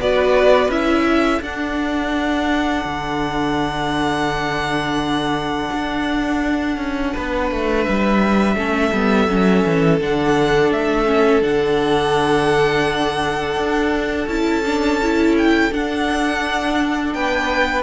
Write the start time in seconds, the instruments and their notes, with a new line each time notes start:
0.00 cello B3, viola F#4, violin B4 D5
0.69 cello C#4, viola E4, violin E5
1.08 violin A4
1.41 cello D4, viola D4, violin F#5
2.85 cello D3
5.72 cello D4
6.78 cello C#4
7.14 cello B3, violin B4
7.51 cello A3
7.83 cello G3, violin E5
8.55 cello A3, viola C#4, violin A4
8.92 cello G3, viola B3
9.28 cello F#3, viola C#4
9.66 cello E3
10.00 cello D3, viola D4, violin F#5
10.71 cello A3, violin E5
11.06 viola C#4
11.41 cello D3, viola D4, violin F#5
13.56 cello D4
14.27 cello C#4, viola E4, violin A5
14.66 viola D4
15.03 viola E4
15.38 violin G5
15.71 viola D4, cello D4, violin F#5
17.13 cello B3, violin B4 G5